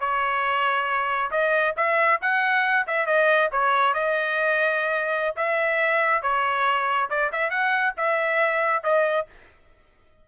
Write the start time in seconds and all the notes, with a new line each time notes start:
0.00 C#5
1.31 D#5
1.76 E5
2.21 F#5
2.87 E5
3.06 D#5
3.52 C#5
3.94 D#5
5.36 E5
6.22 C#5
7.09 D5
7.32 E5
7.50 F#5
7.97 E5
8.83 D#5